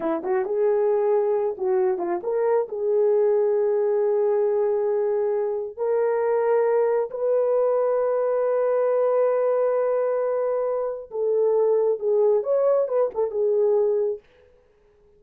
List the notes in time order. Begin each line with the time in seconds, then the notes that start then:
0.00 E4
0.23 F#4
0.45 G#4
1.57 F#4
1.98 F4
2.23 A#4
2.68 G#4
5.76 A#4
7.10 B4
11.11 A4
11.99 G#4
12.43 C#5
12.88 B4
13.14 A4
13.30 G#4